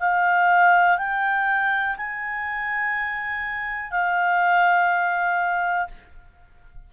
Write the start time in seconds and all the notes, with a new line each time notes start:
0.00 F5
0.98 G5
1.97 G#5
3.91 F5